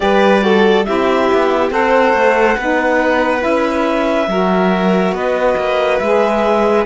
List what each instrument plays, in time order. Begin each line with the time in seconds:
0.00 cello G3, saxophone G4, violin B4, clarinet D5
0.40 saxophone F#4, violin A4
0.84 cello C4, saxophone E4, violin G4, clarinet E5
1.32 cello B3
1.70 cello C4, saxophone A4, violin C5, clarinet F#5
2.13 cello A3
2.57 cello B3, saxophone D#4, violin B4
3.39 cello C#4, saxophone E4, clarinet E5
4.27 cello F#3, saxophone F#4, violin A#4
5.11 cello B3, violin B4, clarinet D#5
5.57 cello A#3
5.98 cello G#3, saxophone G#4, clarinet E5